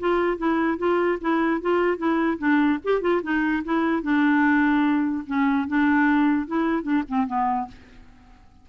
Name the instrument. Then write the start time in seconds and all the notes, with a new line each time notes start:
clarinet
0.00 F4
0.38 E4
0.79 F4
1.21 E4
1.62 F4
1.98 E4
2.39 D4
2.85 G4
3.01 F4
3.23 D#4
3.65 E4
4.03 D4
5.27 C#4
5.68 D4
6.48 E4
6.83 D4
7.09 C4
7.27 B3